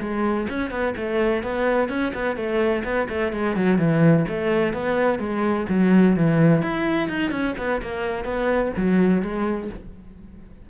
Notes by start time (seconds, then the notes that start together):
0.00 G#3
0.49 C#4
0.70 B3
0.97 A3
1.43 B3
1.89 C#4
2.14 B3
2.36 A3
2.84 B3
3.09 A3
3.33 G#3
3.56 F#3
3.78 E3
4.28 A3
4.73 B3
5.19 G#3
5.69 F#3
6.16 E3
6.62 E4
7.08 D#4
7.31 C#4
7.58 B3
7.82 A#3
8.25 B3
8.77 F#3
9.22 G#3